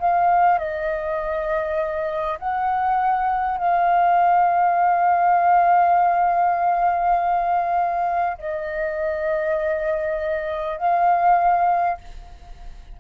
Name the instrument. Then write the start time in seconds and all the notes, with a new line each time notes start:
flute
0.00 F5
0.59 D#5
2.39 F#5
3.58 F5
8.38 D#5
10.78 F5